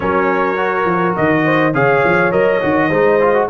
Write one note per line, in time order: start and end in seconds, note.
0.00 0.84 F#3
0.00 0.56 C#4
0.00 1.45 A#4
0.00 1.15 C#5
0.56 1.72 F#4
0.84 1.14 F3
1.16 1.74 D#3
1.16 1.74 D#5
1.45 1.74 C5
1.74 2.03 C#3
1.74 2.31 G#4
1.74 2.88 C#5
1.74 2.31 F5
2.04 2.33 F3
2.31 2.62 F#3
2.31 2.60 A#4
2.31 3.48 D#5
2.61 2.89 D#3
2.61 2.90 F#4
2.88 3.48 G#3
2.88 3.20 D#4
2.88 3.46 C5
3.20 3.34 F4
3.34 3.49 F#4